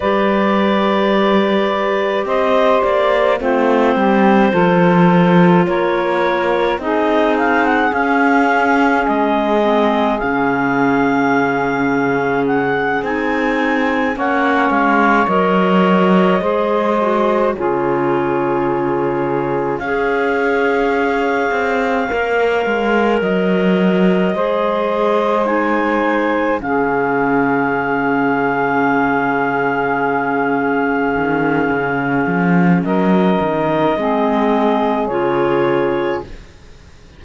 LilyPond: <<
  \new Staff \with { instrumentName = "clarinet" } { \time 4/4 \tempo 4 = 53 d''2 dis''8 d''8 c''4~ | c''4 cis''4 dis''8 f''16 fis''16 f''4 | dis''4 f''2 fis''8 gis''8~ | gis''8 fis''8 f''8 dis''2 cis''8~ |
cis''4. f''2~ f''8~ | f''8 dis''2 gis''4 f''8~ | f''1~ | f''4 dis''2 cis''4 | }
  \new Staff \with { instrumentName = "saxophone" } { \time 4/4 b'2 c''4 f'8 g'8 | a'4 ais'4 gis'2~ | gis'1~ | gis'8 cis''2 c''4 gis'8~ |
gis'4. cis''2~ cis''8~ | cis''4. c''2 gis'8~ | gis'1~ | gis'4 ais'4 gis'2 | }
  \new Staff \with { instrumentName = "clarinet" } { \time 4/4 g'2. c'4 | f'2 dis'4 cis'4~ | cis'8 c'8 cis'2~ cis'8 dis'8~ | dis'8 cis'4 ais'4 gis'8 fis'8 f'8~ |
f'4. gis'2 ais'8~ | ais'4. gis'4 dis'4 cis'8~ | cis'1~ | cis'2 c'4 f'4 | }
  \new Staff \with { instrumentName = "cello" } { \time 4/4 g2 c'8 ais8 a8 g8 | f4 ais4 c'4 cis'4 | gis4 cis2~ cis8 c'8~ | c'8 ais8 gis8 fis4 gis4 cis8~ |
cis4. cis'4. c'8 ais8 | gis8 fis4 gis2 cis8~ | cis2.~ cis8 dis8 | cis8 f8 fis8 dis8 gis4 cis4 | }
>>